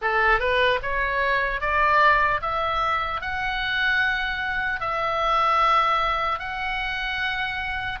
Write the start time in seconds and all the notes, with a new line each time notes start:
0.01 A4
0.39 B4
0.82 C#5
1.60 D5
2.41 E5
3.21 F#5
4.80 E5
6.39 F#5